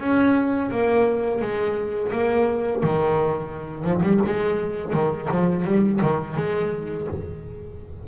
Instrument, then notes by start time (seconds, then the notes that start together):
double bass
0.00 C#4
0.71 A#3
1.41 G#3
2.12 A#3
2.83 D#3
3.84 F3
4.03 G3
4.26 G#3
4.93 D#3
5.31 F3
5.65 G3
6.01 D#3
6.37 G#3